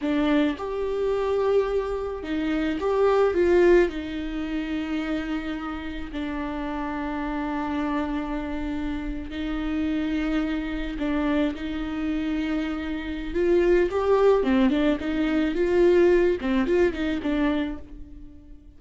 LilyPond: \new Staff \with { instrumentName = "viola" } { \time 4/4 \tempo 4 = 108 d'4 g'2. | dis'4 g'4 f'4 dis'4~ | dis'2. d'4~ | d'1~ |
d'8. dis'2. d'16~ | d'8. dis'2.~ dis'16 | f'4 g'4 c'8 d'8 dis'4 | f'4. c'8 f'8 dis'8 d'4 | }